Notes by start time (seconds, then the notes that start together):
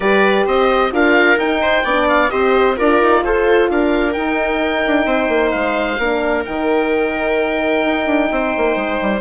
0.00 G3 G4 B4 D5
0.45 C4 C5 D#5
0.91 D4 F4 A#4 F5
1.36 D#4 G5
1.62 C5
1.84 B3 D4 D5
2.08 F5
2.29 C4 G4 C5 D#5
2.76 D4 F4 A#4 D5
3.01 D#4
3.24 F4 A4 C5
3.70 D4 A#4 F5
4.12 D#4 G5
4.86 D4
5.05 C4 C5
5.28 A#3
5.51 G#3 F5
5.98 A#3 D4 A#4
6.45 D#3 D#4 G5
7.85 D#4
8.06 D4
8.31 C4 C5
8.57 A#3
8.76 G#3
9.01 G3